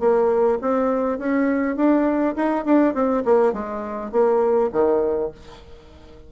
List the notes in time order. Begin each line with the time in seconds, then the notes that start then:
0.00 A#3
0.61 C4
1.19 C#4
1.76 D4
2.36 D#4
2.65 D4
2.94 C4
3.25 A#3
3.53 G#3
4.12 A#3
4.73 D#3